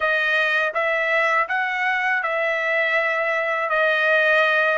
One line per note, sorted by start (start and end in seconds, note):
0.00 0.72 D#5
0.74 1.48 E5
1.48 2.22 F#5
2.22 3.69 E5
3.69 4.78 D#5